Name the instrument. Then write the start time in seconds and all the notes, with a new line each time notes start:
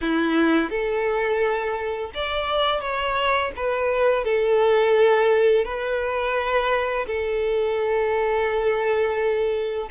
violin
0.01 E4
0.70 A4
2.14 D5
2.80 C#5
3.56 B4
4.24 A4
5.64 B4
7.06 A4